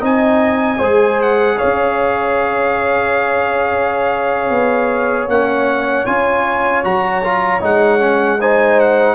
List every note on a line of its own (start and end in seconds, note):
0.00 0.80 C4
0.00 0.78 D#4
0.00 0.79 D#5
0.00 1.22 G#5
0.79 1.59 G#3
0.79 5.31 G#4
0.79 1.57 C5
1.22 1.59 F#5
1.58 8.40 C#5
1.58 5.29 F5
1.64 4.51 C#4
4.51 5.28 B3
5.28 6.06 A#3
5.28 6.07 C#4
5.28 6.06 F#5
6.06 6.85 C#4
6.06 6.84 F4
6.06 6.84 G#5
6.84 7.63 F#3
6.84 7.23 F#4
6.84 7.63 A#5
7.25 7.61 F4
7.61 9.16 G#3
7.61 8.00 D#4
7.61 8.41 F#5
8.00 8.39 C#4
8.40 9.16 D#4
8.40 9.16 C5
8.40 8.80 G#5
8.80 9.16 F#5